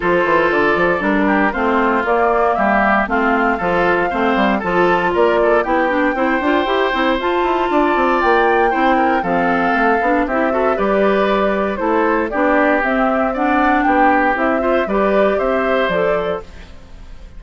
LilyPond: <<
  \new Staff \with { instrumentName = "flute" } { \time 4/4 \tempo 4 = 117 c''4 d''4 ais'4 c''4 | d''4 e''4 f''2~ | f''4 a''4 d''4 g''4~ | g''2 a''2 |
g''2 f''2 | e''4 d''2 c''4 | d''4 e''4 fis''4 g''4 | e''4 d''4 e''4 d''4 | }
  \new Staff \with { instrumentName = "oboe" } { \time 4/4 a'2~ a'8 g'8 f'4~ | f'4 g'4 f'4 a'4 | c''4 a'4 ais'8 a'8 g'4 | c''2. d''4~ |
d''4 c''8 ais'8 a'2 | g'8 a'8 b'2 a'4 | g'2 d''4 g'4~ | g'8 c''8 b'4 c''2 | }
  \new Staff \with { instrumentName = "clarinet" } { \time 4/4 f'2 d'4 c'4 | ais2 c'4 f'4 | c'4 f'2 e'8 d'8 | e'8 f'8 g'8 e'8 f'2~ |
f'4 e'4 c'4. d'8 | e'8 fis'8 g'2 e'4 | d'4 c'4 d'2 | e'8 f'8 g'2 a'4 | }
  \new Staff \with { instrumentName = "bassoon" } { \time 4/4 f8 e8 d8 f8 g4 a4 | ais4 g4 a4 f4 | a8 g8 f4 ais4 b4 | c'8 d'8 e'8 c'8 f'8 e'8 d'8 c'8 |
ais4 c'4 f4 a8 b8 | c'4 g2 a4 | b4 c'2 b4 | c'4 g4 c'4 f4 | }
>>